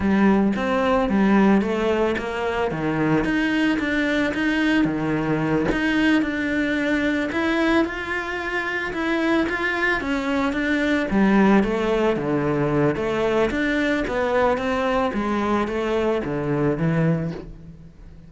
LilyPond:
\new Staff \with { instrumentName = "cello" } { \time 4/4 \tempo 4 = 111 g4 c'4 g4 a4 | ais4 dis4 dis'4 d'4 | dis'4 dis4. dis'4 d'8~ | d'4. e'4 f'4.~ |
f'8 e'4 f'4 cis'4 d'8~ | d'8 g4 a4 d4. | a4 d'4 b4 c'4 | gis4 a4 d4 e4 | }